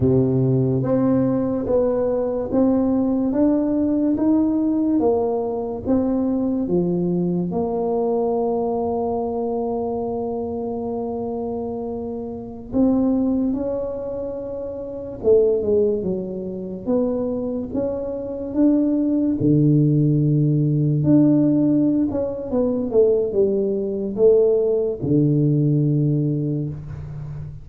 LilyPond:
\new Staff \with { instrumentName = "tuba" } { \time 4/4 \tempo 4 = 72 c4 c'4 b4 c'4 | d'4 dis'4 ais4 c'4 | f4 ais2.~ | ais2.~ ais16 c'8.~ |
c'16 cis'2 a8 gis8 fis8.~ | fis16 b4 cis'4 d'4 d8.~ | d4~ d16 d'4~ d'16 cis'8 b8 a8 | g4 a4 d2 | }